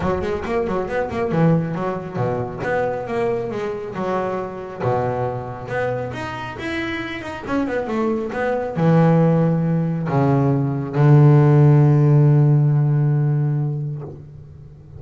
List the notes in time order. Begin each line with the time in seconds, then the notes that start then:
0.00 F#3
0.21 G#3
0.45 A#3
0.67 F#3
0.88 B3
1.10 A#3
1.31 E3
1.74 F#3
2.16 B2
2.63 B3
3.07 A#3
3.50 G#3
3.94 F#3
4.82 B2
5.68 B3
6.13 D#4
6.58 E4
7.21 D#4
7.46 C#4
7.67 B3
7.87 A3
8.33 B3
8.76 E3
10.08 C#3
10.95 D3